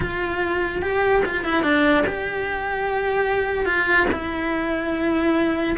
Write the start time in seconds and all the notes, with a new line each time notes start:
0.00 F4
0.81 G4
1.25 F4
1.44 E4
1.62 D4
2.06 G4
3.65 F4
4.12 E4